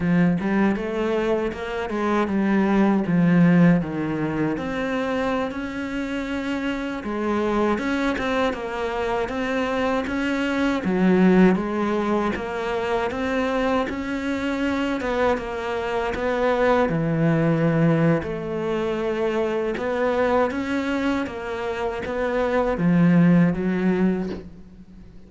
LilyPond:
\new Staff \with { instrumentName = "cello" } { \time 4/4 \tempo 4 = 79 f8 g8 a4 ais8 gis8 g4 | f4 dis4 c'4~ c'16 cis'8.~ | cis'4~ cis'16 gis4 cis'8 c'8 ais8.~ | ais16 c'4 cis'4 fis4 gis8.~ |
gis16 ais4 c'4 cis'4. b16~ | b16 ais4 b4 e4.~ e16 | a2 b4 cis'4 | ais4 b4 f4 fis4 | }